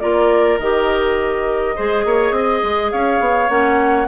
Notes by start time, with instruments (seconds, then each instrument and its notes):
0.00 bassoon A#3, clarinet F4, oboe A#4, flute D5
0.59 bassoon D#3, clarinet G4, flute D#5
1.76 bassoon G#3, clarinet G#4, oboe C5
2.05 bassoon A#3, oboe C#5
2.32 bassoon C4, oboe D#5
2.63 bassoon G#3
2.91 bassoon C#4, oboe C#5, flute F5
3.20 bassoon B3
3.49 bassoon A#3, clarinet C#4, flute F#5